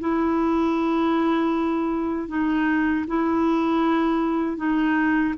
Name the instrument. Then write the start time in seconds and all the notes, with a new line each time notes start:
clarinet
0.00 E4
2.28 D#4
3.07 E4
4.57 D#4